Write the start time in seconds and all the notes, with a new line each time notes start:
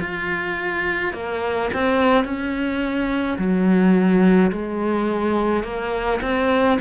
0.00 F4
1.14 A#3
1.74 C4
2.25 C#4
3.39 F#3
4.52 G#3
5.64 A#3
6.22 C4